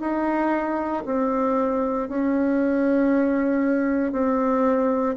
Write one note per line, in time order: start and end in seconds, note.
0.00 1.03 D#4
1.05 2.08 C4
2.08 4.12 C#4
4.12 5.16 C4